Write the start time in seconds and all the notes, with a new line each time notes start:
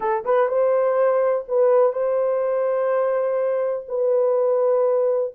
0.00 A4
0.25 B4
0.48 C5
1.48 B4
1.92 C5
3.88 B4